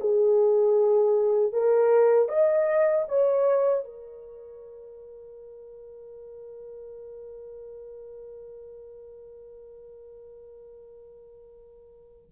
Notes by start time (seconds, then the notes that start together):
0.00 G#4
1.52 A#4
2.28 D#5
3.08 C#5
3.84 A#4